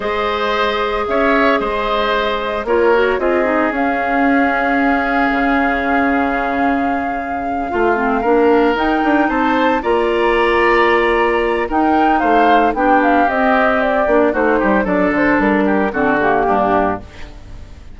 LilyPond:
<<
  \new Staff \with { instrumentName = "flute" } { \time 4/4 \tempo 4 = 113 dis''2 e''4 dis''4~ | dis''4 cis''4 dis''4 f''4~ | f''1~ | f''1~ |
f''8 g''4 a''4 ais''4.~ | ais''2 g''4 f''4 | g''8 f''8 dis''4 d''4 c''4 | d''8 c''8 ais'4 a'8 g'4. | }
  \new Staff \with { instrumentName = "oboe" } { \time 4/4 c''2 cis''4 c''4~ | c''4 ais'4 gis'2~ | gis'1~ | gis'2~ gis'8 f'4 ais'8~ |
ais'4. c''4 d''4.~ | d''2 ais'4 c''4 | g'2. fis'8 g'8 | a'4. g'8 fis'4 d'4 | }
  \new Staff \with { instrumentName = "clarinet" } { \time 4/4 gis'1~ | gis'4 f'8 fis'8 f'8 dis'8 cis'4~ | cis'1~ | cis'2~ cis'8 f'8 c'8 d'8~ |
d'8 dis'2 f'4.~ | f'2 dis'2 | d'4 c'4. d'8 dis'4 | d'2 c'8 ais4. | }
  \new Staff \with { instrumentName = "bassoon" } { \time 4/4 gis2 cis'4 gis4~ | gis4 ais4 c'4 cis'4~ | cis'2 cis2~ | cis2~ cis8 a4 ais8~ |
ais8 dis'8 d'8 c'4 ais4.~ | ais2 dis'4 a4 | b4 c'4. ais8 a8 g8 | fis8 d8 g4 d4 g,4 | }
>>